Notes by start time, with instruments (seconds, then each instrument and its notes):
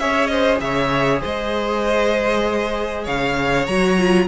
0.00 cello C#4, viola G#4, violin C#5 E5
0.27 violin C5 D#5
0.61 cello C#3, violin C#5 E5
1.22 cello G#3, violin C5 D#5
3.04 cello C#3, violin C#5 F5
3.67 cello F#3, viola F#4, violin A#5
3.99 viola F4